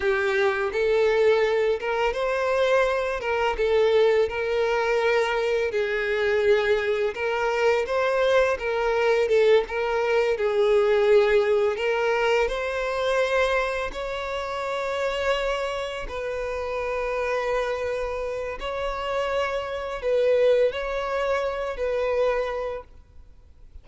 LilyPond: \new Staff \with { instrumentName = "violin" } { \time 4/4 \tempo 4 = 84 g'4 a'4. ais'8 c''4~ | c''8 ais'8 a'4 ais'2 | gis'2 ais'4 c''4 | ais'4 a'8 ais'4 gis'4.~ |
gis'8 ais'4 c''2 cis''8~ | cis''2~ cis''8 b'4.~ | b'2 cis''2 | b'4 cis''4. b'4. | }